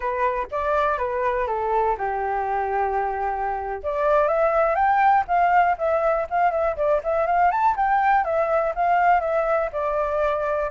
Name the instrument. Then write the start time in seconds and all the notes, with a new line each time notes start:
flute
0.00 B4
0.51 D5
0.97 B4
1.47 A4
1.97 G4
3.83 D5
4.28 E5
4.75 G5
5.27 F5
5.78 E5
6.30 F5
6.51 E5
6.76 D5
7.03 E5
7.26 F5
7.51 A5
7.76 G5
8.24 E5
8.75 F5
9.20 E5
9.72 D5